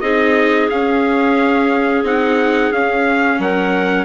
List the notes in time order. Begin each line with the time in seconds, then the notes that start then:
0.00 C4 D#4 G#4 D#5
0.69 C#4 F5
2.03 C4 D#4 F#5
2.71 C#4 F5
3.38 F#3 A#4 F#5